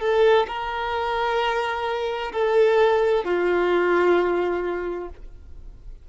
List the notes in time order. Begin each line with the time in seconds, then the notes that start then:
0.00 A4
0.47 A#4
2.32 A4
3.24 F4